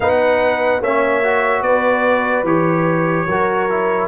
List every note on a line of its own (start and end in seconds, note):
0.00 0.81 B3
0.00 0.83 D#4
0.00 0.81 B4
0.00 0.82 F#5
0.81 1.61 A#3
0.81 1.23 C#4
0.81 1.63 C#5
0.81 1.62 E5
1.23 2.45 F#4
1.61 2.43 B3
1.61 3.27 B4
1.61 2.44 D5
2.43 3.26 E3
2.43 3.27 G4
2.43 4.07 C#5
3.26 4.07 F#3
3.26 3.69 F#4
3.26 4.07 A#4
3.69 4.07 E4